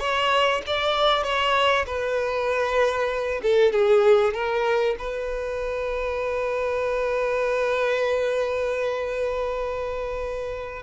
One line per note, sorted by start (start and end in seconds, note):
0.00 0.62 C#5
0.67 1.24 D5
1.24 1.86 C#5
1.87 3.41 B4
3.43 3.73 A4
3.73 4.34 G#4
4.34 4.96 A#4
4.99 10.83 B4